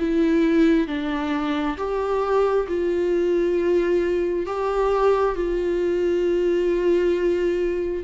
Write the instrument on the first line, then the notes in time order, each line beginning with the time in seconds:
viola
0.00 E4
0.88 D4
1.78 G4
2.68 F4
4.47 G4
5.36 F4